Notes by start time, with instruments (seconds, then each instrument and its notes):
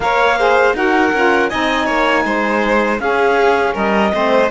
0.00 cello A#3, saxophone A#4, violin C#5, clarinet F5
0.38 saxophone G#4, violin C5
0.73 cello D#4, saxophone F#4, violin A#4, clarinet F#5
1.12 cello C#4, saxophone F4
1.49 cello C4, saxophone D#4, violin D#5, clarinet G#5
1.85 cello A#3, violin C#5
2.24 cello G#3, violin C5
2.99 saxophone C#4, cello C#4, violin G#4, clarinet F5
3.74 cello G3, violin A#4, clarinet D#5
4.12 cello A3, saxophone C4, violin C5